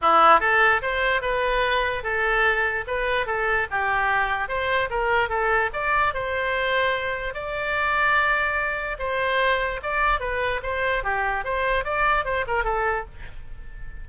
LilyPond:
\new Staff \with { instrumentName = "oboe" } { \time 4/4 \tempo 4 = 147 e'4 a'4 c''4 b'4~ | b'4 a'2 b'4 | a'4 g'2 c''4 | ais'4 a'4 d''4 c''4~ |
c''2 d''2~ | d''2 c''2 | d''4 b'4 c''4 g'4 | c''4 d''4 c''8 ais'8 a'4 | }